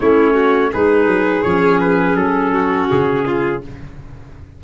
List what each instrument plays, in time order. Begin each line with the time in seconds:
0.00 tuba A3, clarinet C#4, violin E4, trumpet C#5
0.34 violin F#4
0.73 tuba G#3, clarinet D#4, violin G#4, trumpet B4
1.07 tuba F#3
1.43 tuba F3, clarinet C#4, trumpet C#5
1.80 trumpet B4
2.15 tuba F#3, trumpet A4
2.53 violin F#4
2.91 tuba C#3, trumpet G#4
3.26 violin F4